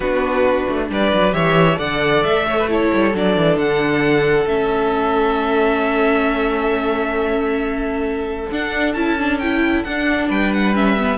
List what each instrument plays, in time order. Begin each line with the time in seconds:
0.00 cello B3, viola D4, violin F#4 B4
0.68 cello A3
0.89 cello G3, violin B4 D5
1.13 cello F#3
1.31 cello E3, viola G4, violin C#5 E5
1.75 cello D3, viola A4, violin D5 F#5
2.23 cello A3, violin E5
2.47 violin C#5
2.59 violin B4
2.69 viola E4, violin A4 C#5
2.92 cello G3
3.14 cello F#3, viola D4, violin D5
3.36 cello E3
3.56 cello D3, violin F#5
4.46 cello A3, viola C#4, violin E5
8.51 cello D4, viola D4, violin F#5
8.93 cello C#4, viola E4, violin A5
9.18 viola D4
9.38 viola E4, violin G5
9.83 cello D4, viola D4, violin F#5
10.28 cello G3, violin B4 G5
10.53 violin F#5
10.75 viola C#4, violin E5
10.97 viola B3